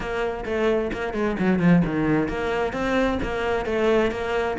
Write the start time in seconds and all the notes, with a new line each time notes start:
0.00 A#3
0.45 A3
0.92 A#3
1.13 G#3
1.39 F#3
1.59 F3
1.85 D#3
2.28 A#3
2.73 C4
3.22 A#3
3.65 A3
4.11 A#3